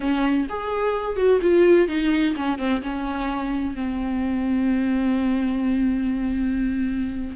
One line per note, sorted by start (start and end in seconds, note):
0.00 0.47 C#4
0.49 1.16 G#4
1.16 1.39 F#4
1.41 1.87 F4
1.87 2.34 D#4
2.36 2.58 C#4
2.58 2.81 C4
2.82 3.75 C#4
3.75 7.36 C4